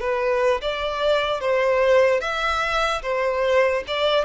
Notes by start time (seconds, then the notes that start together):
0.00 B4
0.61 D5
1.40 C5
2.21 E5
3.02 C5
3.87 D5